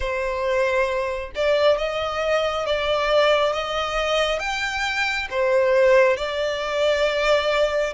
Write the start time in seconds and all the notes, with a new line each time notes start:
0.00 C5
1.35 D5
1.77 D#5
2.66 D5
3.52 D#5
4.39 G5
5.30 C5
6.16 D5